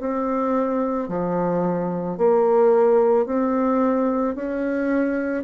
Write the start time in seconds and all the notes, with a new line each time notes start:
0.00 C4
1.09 F3
2.18 A#3
3.26 C4
4.35 C#4